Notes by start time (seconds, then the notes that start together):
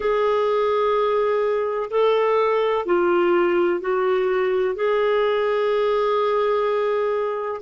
0.00 G#4
1.90 A4
2.85 F4
3.80 F#4
4.75 G#4